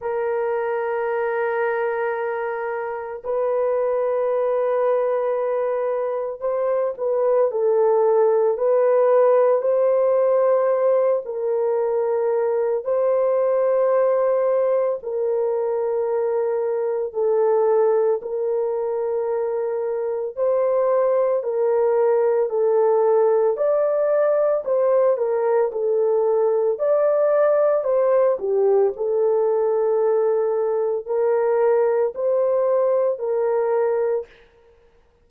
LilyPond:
\new Staff \with { instrumentName = "horn" } { \time 4/4 \tempo 4 = 56 ais'2. b'4~ | b'2 c''8 b'8 a'4 | b'4 c''4. ais'4. | c''2 ais'2 |
a'4 ais'2 c''4 | ais'4 a'4 d''4 c''8 ais'8 | a'4 d''4 c''8 g'8 a'4~ | a'4 ais'4 c''4 ais'4 | }